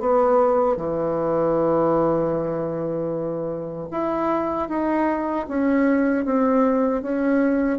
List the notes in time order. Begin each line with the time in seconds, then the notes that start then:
0.00 B3
0.77 E3
3.91 E4
4.69 D#4
5.49 C#4
6.26 C4
7.03 C#4